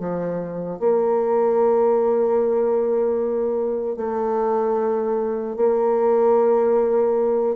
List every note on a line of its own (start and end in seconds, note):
0.00 0.80 F3
0.80 3.97 A#3
3.97 5.56 A3
5.56 7.56 A#3